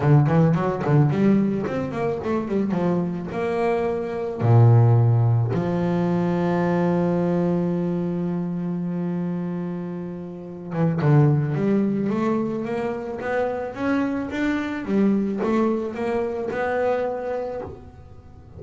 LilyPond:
\new Staff \with { instrumentName = "double bass" } { \time 4/4 \tempo 4 = 109 d8 e8 fis8 d8 g4 c'8 ais8 | a8 g8 f4 ais2 | ais,2 f2~ | f1~ |
f2.~ f8 e8 | d4 g4 a4 ais4 | b4 cis'4 d'4 g4 | a4 ais4 b2 | }